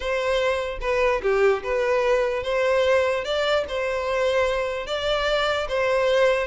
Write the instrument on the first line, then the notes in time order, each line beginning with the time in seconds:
violin
0.00 C5
0.81 B4
1.22 G4
1.63 B4
2.43 C5
3.24 D5
3.68 C5
4.86 D5
5.68 C5